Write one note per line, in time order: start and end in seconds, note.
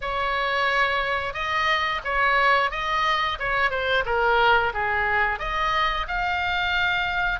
0.01 1.33 C#5
1.33 2.01 D#5
2.04 2.71 C#5
2.71 3.38 D#5
3.39 3.70 C#5
3.70 4.04 C5
4.05 4.73 A#4
4.73 5.39 G#4
5.39 6.06 D#5
6.07 7.40 F5